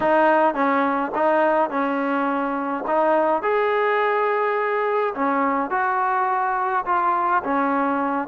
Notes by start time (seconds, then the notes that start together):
0.00 D#4
0.54 C#4
1.15 D#4
1.70 C#4
2.87 D#4
3.42 G#4
5.15 C#4
5.70 F#4
6.85 F4
7.43 C#4